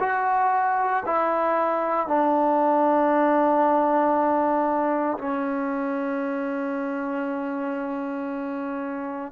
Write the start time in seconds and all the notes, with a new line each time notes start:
0.00 F#4
1.06 E4
2.08 D4
5.19 C#4